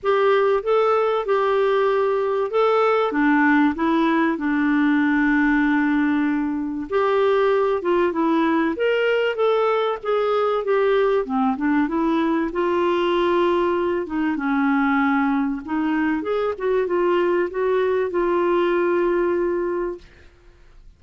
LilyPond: \new Staff \with { instrumentName = "clarinet" } { \time 4/4 \tempo 4 = 96 g'4 a'4 g'2 | a'4 d'4 e'4 d'4~ | d'2. g'4~ | g'8 f'8 e'4 ais'4 a'4 |
gis'4 g'4 c'8 d'8 e'4 | f'2~ f'8 dis'8 cis'4~ | cis'4 dis'4 gis'8 fis'8 f'4 | fis'4 f'2. | }